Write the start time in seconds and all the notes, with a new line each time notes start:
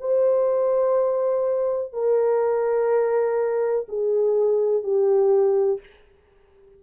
0.00 C5
1.93 A#4
3.88 G#4
4.83 G4